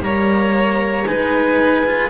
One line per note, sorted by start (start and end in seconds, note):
0.00 1.04 G3
0.00 1.06 A#3
0.00 1.07 C#5
0.00 1.06 A#5
1.06 2.10 G#3
1.06 1.85 D#4
1.06 2.10 B4
1.06 2.10 G#5
1.86 2.10 F4